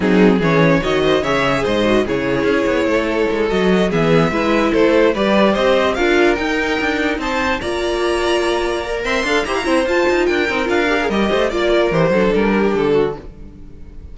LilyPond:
<<
  \new Staff \with { instrumentName = "violin" } { \time 4/4 \tempo 4 = 146 gis'4 cis''4 dis''4 e''4 | dis''4 cis''2.~ | cis''8 dis''4 e''2 c''8~ | c''8 d''4 dis''4 f''4 g''8~ |
g''4. a''4 ais''4.~ | ais''2 c'''4 ais''4 | a''4 g''4 f''4 dis''4 | d''4 c''4 ais'4 a'4 | }
  \new Staff \with { instrumentName = "violin" } { \time 4/4 dis'4 gis'4 cis''8 c''8 cis''4 | c''4 gis'2 a'4~ | a'4. gis'4 b'4 a'8~ | a'8 b'4 c''4 ais'4.~ |
ais'4. c''4 d''4.~ | d''2 e''8 f''8 c''16 f''16 c''8~ | c''4 ais'2~ ais'8 c''8 | d''8 ais'4 a'4 g'4 fis'8 | }
  \new Staff \with { instrumentName = "viola" } { \time 4/4 c'4 cis'4 fis'4 gis'4~ | gis'8 fis'8 e'2.~ | e'8 fis'4 b4 e'4.~ | e'8 g'2 f'4 dis'8~ |
dis'2~ dis'8 f'4.~ | f'4. ais'4 a'8 g'8 e'8 | f'4. dis'8 f'8 g'16 gis'16 g'4 | f'4 g'8 d'2~ d'8 | }
  \new Staff \with { instrumentName = "cello" } { \time 4/4 fis4 e4 dis4 cis4 | gis,4 cis4 cis'8 b8 a4 | gis8 fis4 e4 gis4 a8~ | a8 g4 c'4 d'4 dis'8~ |
dis'8 d'4 c'4 ais4.~ | ais2 c'8 d'8 e'8 c'8 | f'8 dis'8 d'8 c'8 d'4 g8 a8 | ais4 e8 fis8 g4 d4 | }
>>